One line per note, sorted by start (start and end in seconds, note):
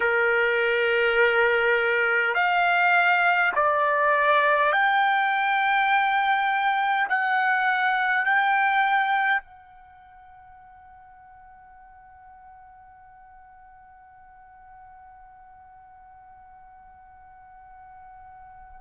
0.00 2.34 A#4
2.34 3.51 F5
3.55 4.72 D5
4.72 7.07 G5
7.09 8.25 F#5
8.25 9.42 G5
9.42 18.81 F#5